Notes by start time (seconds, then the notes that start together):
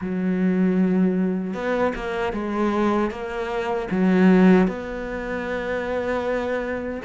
0.01 F#3
1.54 B3
1.95 A#3
2.32 G#3
3.10 A#3
3.91 F#3
4.67 B3